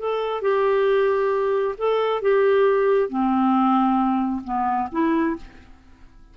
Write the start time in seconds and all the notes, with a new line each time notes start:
0.00 A4
0.42 G4
1.79 A4
2.22 G4
3.09 C4
4.45 B3
4.93 E4